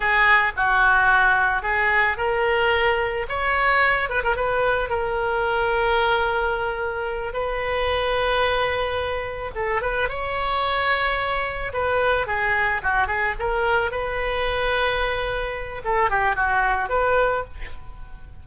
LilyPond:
\new Staff \with { instrumentName = "oboe" } { \time 4/4 \tempo 4 = 110 gis'4 fis'2 gis'4 | ais'2 cis''4. b'16 ais'16 | b'4 ais'2.~ | ais'4. b'2~ b'8~ |
b'4. a'8 b'8 cis''4.~ | cis''4. b'4 gis'4 fis'8 | gis'8 ais'4 b'2~ b'8~ | b'4 a'8 g'8 fis'4 b'4 | }